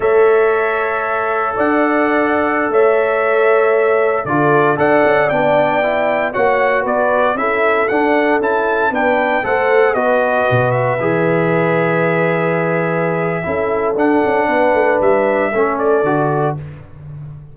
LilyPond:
<<
  \new Staff \with { instrumentName = "trumpet" } { \time 4/4 \tempo 4 = 116 e''2. fis''4~ | fis''4~ fis''16 e''2~ e''8.~ | e''16 d''4 fis''4 g''4.~ g''16~ | g''16 fis''4 d''4 e''4 fis''8.~ |
fis''16 a''4 g''4 fis''4 dis''8.~ | dis''8. e''2.~ e''16~ | e''2. fis''4~ | fis''4 e''4. d''4. | }
  \new Staff \with { instrumentName = "horn" } { \time 4/4 cis''2. d''4~ | d''4~ d''16 cis''2~ cis''8.~ | cis''16 a'4 d''2~ d''8.~ | d''16 cis''4 b'4 a'4.~ a'16~ |
a'4~ a'16 b'4 c''4 b'8.~ | b'1~ | b'2 a'2 | b'2 a'2 | }
  \new Staff \with { instrumentName = "trombone" } { \time 4/4 a'1~ | a'1~ | a'16 f'4 a'4 d'4 e'8.~ | e'16 fis'2 e'4 d'8.~ |
d'16 e'4 d'4 a'4 fis'8.~ | fis'4~ fis'16 gis'2~ gis'8.~ | gis'2 e'4 d'4~ | d'2 cis'4 fis'4 | }
  \new Staff \with { instrumentName = "tuba" } { \time 4/4 a2. d'4~ | d'4~ d'16 a2~ a8.~ | a16 d4 d'8 cis'8 b4.~ b16~ | b16 ais4 b4 cis'4 d'8.~ |
d'16 cis'4 b4 a4 b8.~ | b16 b,4 e2~ e8.~ | e2 cis'4 d'8 cis'8 | b8 a8 g4 a4 d4 | }
>>